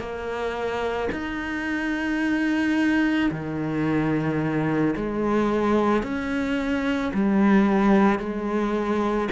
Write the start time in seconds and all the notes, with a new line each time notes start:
0.00 A#3
1.12 D#4
3.31 D#3
4.96 G#3
6.03 C#4
7.14 G3
8.19 G#3